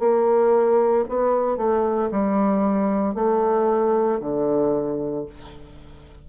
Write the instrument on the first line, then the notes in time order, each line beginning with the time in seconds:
bassoon
0.00 A#3
1.09 B3
1.58 A3
2.11 G3
3.15 A3
4.21 D3